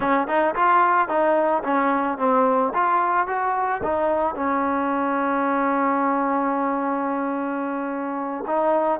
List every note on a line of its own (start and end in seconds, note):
0.00 0.27 C#4
0.27 0.55 D#4
0.55 1.08 F4
1.08 1.62 D#4
1.63 2.18 C#4
2.18 2.72 C4
2.74 3.27 F4
3.27 3.81 F#4
3.83 4.35 D#4
4.35 8.44 C#4
8.47 9.00 D#4